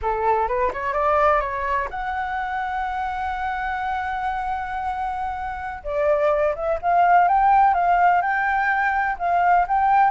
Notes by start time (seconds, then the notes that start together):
0.02 A4
0.48 B4
0.73 C#5
0.93 D5
1.40 C#5
1.90 F#5
5.83 D5
6.55 E5
6.81 F5
7.28 G5
7.73 F5
8.21 G5
9.18 F5
9.67 G5